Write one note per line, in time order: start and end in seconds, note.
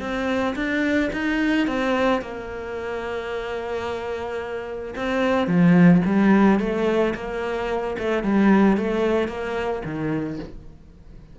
0.00 0.55 C4
0.55 1.10 D4
1.13 1.67 D#4
1.67 2.21 C4
2.21 4.94 A#3
4.95 5.47 C4
5.47 6.01 F3
6.05 6.59 G3
6.59 7.14 A3
7.15 7.97 A#3
7.98 8.23 A3
8.23 8.77 G3
8.77 9.28 A3
9.28 9.82 A#3
9.84 10.39 D#3